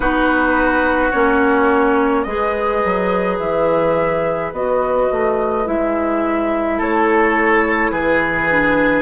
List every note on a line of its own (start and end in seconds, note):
0.00 1.12 B3
0.00 1.11 D#4
0.00 2.25 F#4
0.00 1.11 B4
1.11 2.26 A#3
1.11 2.26 C#4
1.11 2.23 C#5
2.23 2.82 G#3
2.23 4.53 G#4
2.23 6.77 B4
2.23 3.36 D#5
2.84 3.39 F#3
3.39 4.51 E3
3.39 4.52 E5
4.51 5.08 B3
4.51 5.65 F#4
4.51 5.67 D#5
5.11 5.66 A3
5.65 6.79 G#3
5.65 8.48 E4
5.65 6.80 E5
6.77 7.91 A3
6.77 7.91 A4
6.77 7.92 C#5
7.91 9.02 E3
7.91 9.02 G#4
7.91 9.02 B4
8.49 9.02 D4